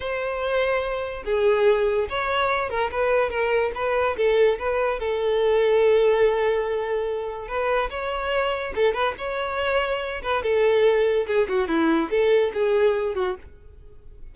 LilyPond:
\new Staff \with { instrumentName = "violin" } { \time 4/4 \tempo 4 = 144 c''2. gis'4~ | gis'4 cis''4. ais'8 b'4 | ais'4 b'4 a'4 b'4 | a'1~ |
a'2 b'4 cis''4~ | cis''4 a'8 b'8 cis''2~ | cis''8 b'8 a'2 gis'8 fis'8 | e'4 a'4 gis'4. fis'8 | }